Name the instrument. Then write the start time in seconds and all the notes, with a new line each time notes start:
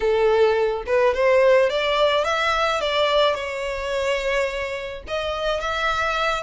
violin
0.00 A4
0.86 B4
1.14 C5
1.69 D5
2.24 E5
2.80 D5
3.34 C#5
5.07 D#5
5.60 E5